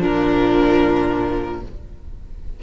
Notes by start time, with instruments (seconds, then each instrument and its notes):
0.00 cello A#2, viola F3, violin D4 A#4